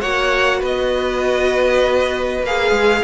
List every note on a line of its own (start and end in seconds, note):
0.00 0.62 A#3
0.00 2.44 F#4
0.00 0.59 C#5
0.00 0.62 F#5
0.59 2.42 B3
0.59 3.02 B4
0.65 2.45 D#5
2.42 2.71 A#3
2.42 3.04 G#4
2.42 3.04 F5
2.71 3.01 G#3